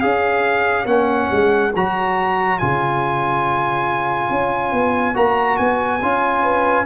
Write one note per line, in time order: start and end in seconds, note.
0.00 0.85 C#4
0.00 0.86 G#4
0.00 6.42 C#5
0.00 0.86 F5
0.85 1.28 A#3
0.85 1.71 C#4
0.85 1.72 F#5
1.31 1.74 G#3
1.75 2.61 F#3
1.75 2.60 F#4
1.75 2.58 A#5
2.58 4.30 C#3
2.58 5.14 F4
2.58 5.16 G#5
4.30 4.72 C#4
4.72 5.15 B3
5.14 5.59 A#3
5.14 6.00 F#4
5.14 5.57 A#5
5.57 6.02 B3
5.57 6.85 G#5
6.02 6.85 C#4
6.02 6.85 F4
6.42 6.85 B4